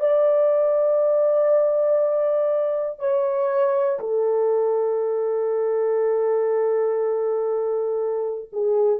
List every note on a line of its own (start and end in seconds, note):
0.00 3.00 D5
3.00 4.00 C#5
4.00 8.50 A4
8.53 9.00 G#4